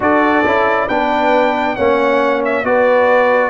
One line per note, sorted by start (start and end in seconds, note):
0.00 0.44 D4
0.00 0.44 F#4
0.00 0.86 A4
0.00 0.88 D5
0.44 0.88 C#4
0.44 0.89 E4
0.86 1.77 B3
0.86 1.77 D4
0.86 1.74 B4
0.86 1.75 G5
1.75 2.63 A#3
1.75 2.64 C#4
1.75 2.64 C#5
1.75 2.42 F#5
2.44 2.65 E5
2.63 3.50 B3
2.63 3.50 F#4
2.63 3.50 B4
2.63 3.50 D5